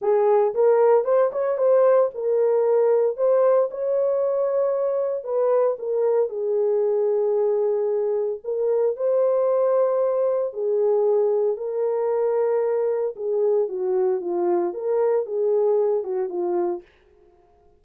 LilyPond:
\new Staff \with { instrumentName = "horn" } { \time 4/4 \tempo 4 = 114 gis'4 ais'4 c''8 cis''8 c''4 | ais'2 c''4 cis''4~ | cis''2 b'4 ais'4 | gis'1 |
ais'4 c''2. | gis'2 ais'2~ | ais'4 gis'4 fis'4 f'4 | ais'4 gis'4. fis'8 f'4 | }